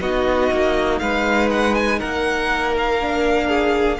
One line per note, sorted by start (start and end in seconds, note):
0.00 0.50 B3
0.00 3.00 D#4
0.00 1.01 F#4
0.00 0.99 D#5
0.52 1.01 A#3
0.99 2.01 G#3
0.99 1.99 B4
0.99 1.49 F5
1.51 1.75 F#5
1.75 2.00 G#5
1.99 4.00 A#3
1.99 3.48 A#4
1.99 2.75 F#5
2.77 4.00 F5
3.00 4.00 D4
3.48 3.98 G#4